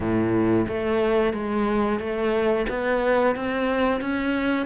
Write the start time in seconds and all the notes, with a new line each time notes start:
0.00 A2
0.68 A3
1.33 G#3
1.99 A3
2.68 B3
3.35 C4
4.00 C#4